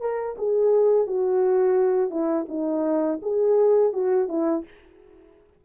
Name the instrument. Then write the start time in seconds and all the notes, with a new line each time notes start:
horn
0.00 A#4
0.38 G#4
1.07 F#4
2.10 E4
2.48 D#4
3.22 G#4
3.93 F#4
4.28 E4